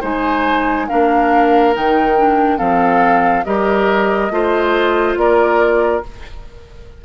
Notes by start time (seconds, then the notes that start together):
0.00 G#3 D#4 C5 G#5
0.88 A#3 D4 A#4 F5
1.74 D#3 D#4 G5
2.17 D4
2.58 F3 C4 A4 F5
3.44 G3 G4 A#4 D#5
4.30 A3 F4 C5
5.16 A#3 A#4 D5